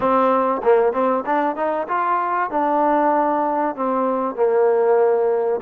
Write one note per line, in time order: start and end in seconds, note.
0.00 0.61 C4
0.62 0.92 A#3
0.92 1.24 C4
1.26 1.56 D4
1.56 1.87 D#4
1.88 2.50 F4
2.50 3.75 D4
3.75 4.35 C4
4.35 5.60 A#3